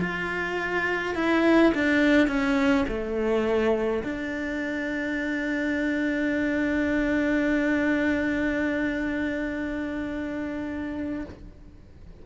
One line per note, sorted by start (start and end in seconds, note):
0.00 1.15 F4
1.15 1.73 E4
1.75 2.28 D4
2.28 2.86 C#4
2.88 4.04 A3
4.04 11.25 D4